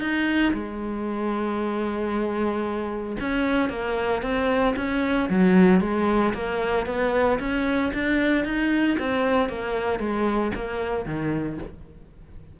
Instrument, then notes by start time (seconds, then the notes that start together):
cello
0.00 D#4
0.53 G#3
3.20 C#4
3.69 A#3
4.22 C4
4.76 C#4
5.29 F#3
5.81 G#3
6.34 A#3
6.86 B3
7.39 C#4
7.94 D4
8.44 D#4
8.99 C4
9.49 A#3
9.99 G#3
10.55 A#3
11.06 D#3